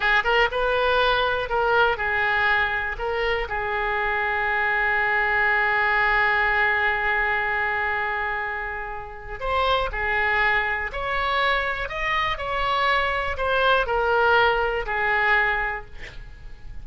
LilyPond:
\new Staff \with { instrumentName = "oboe" } { \time 4/4 \tempo 4 = 121 gis'8 ais'8 b'2 ais'4 | gis'2 ais'4 gis'4~ | gis'1~ | gis'1~ |
gis'2. c''4 | gis'2 cis''2 | dis''4 cis''2 c''4 | ais'2 gis'2 | }